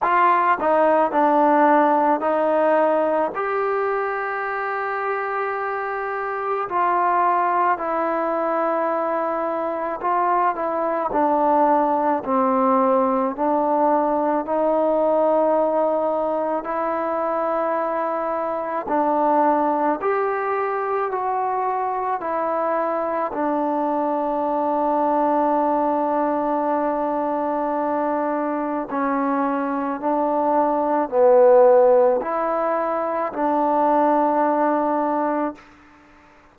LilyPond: \new Staff \with { instrumentName = "trombone" } { \time 4/4 \tempo 4 = 54 f'8 dis'8 d'4 dis'4 g'4~ | g'2 f'4 e'4~ | e'4 f'8 e'8 d'4 c'4 | d'4 dis'2 e'4~ |
e'4 d'4 g'4 fis'4 | e'4 d'2.~ | d'2 cis'4 d'4 | b4 e'4 d'2 | }